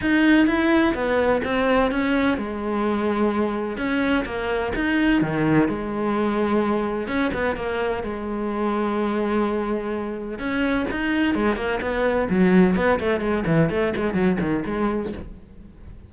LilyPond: \new Staff \with { instrumentName = "cello" } { \time 4/4 \tempo 4 = 127 dis'4 e'4 b4 c'4 | cis'4 gis2. | cis'4 ais4 dis'4 dis4 | gis2. cis'8 b8 |
ais4 gis2.~ | gis2 cis'4 dis'4 | gis8 ais8 b4 fis4 b8 a8 | gis8 e8 a8 gis8 fis8 dis8 gis4 | }